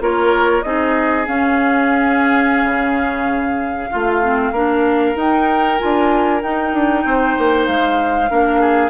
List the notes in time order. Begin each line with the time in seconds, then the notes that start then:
0.00 A#3 F4 A#4 C#5
0.62 C4 D#4 G#4 D#5
1.25 C#4 F5
2.63 C#3
3.90 A3 F4
4.22 C4
4.51 A#3 D4 A#4
5.15 D#4 G5
5.78 D4 F4 G#5
6.41 D#4 G5
6.73 D4
7.05 C4 C5
7.38 A#3
7.66 G#3 F5
8.28 A#3 D4 A#4
8.60 G#4